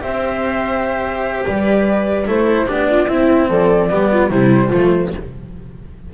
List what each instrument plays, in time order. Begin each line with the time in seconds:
0.00 double bass C4, cello G4, viola C5, flute E5
1.45 double bass G3, viola B4, flute D5
2.26 double bass A3, cello E4, viola A4, flute C5
2.66 double bass B3, cello D4, viola G4, flute D5
2.89 viola F4
3.08 cello C4, double bass C4, viola E4, flute E5
3.49 double bass F3, viola A4, flute D5
3.90 double bass G3, cello B3, viola G4
4.12 viola F4
4.29 double bass C3, cello G3, viola E4, flute C5
4.68 double bass F3, cello A3, viola F4